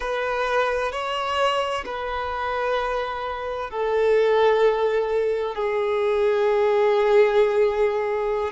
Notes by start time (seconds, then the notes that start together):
0.00 B4
0.92 C#5
1.85 B4
3.70 A4
5.55 G#4